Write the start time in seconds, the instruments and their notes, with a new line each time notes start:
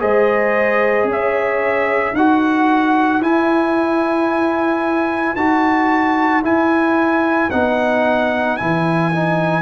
0.00 tuba G#3, trombone G#4, horn C5, trumpet D#5
1.05 tuba C#4, horn C#5
1.12 trumpet E5
2.14 tuba D#4, trombone F#4, horn B4, trumpet F#5
3.21 tuba E4, trombone E4, trumpet G#5
5.36 tuba D#4, trombone F#4, trumpet A5
6.44 trombone E4, tuba E4, trumpet G#5
7.51 tuba B3, trombone D#4, trumpet F#5
8.57 tuba E3, trombone E4, trumpet G#5
9.13 trombone D#4